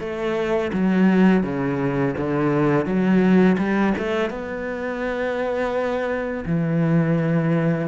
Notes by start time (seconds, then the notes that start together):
0.00 A3
0.73 F#3
1.44 C#3
2.18 D3
2.86 F#3
3.58 G3
3.98 A3
4.30 B3
6.46 E3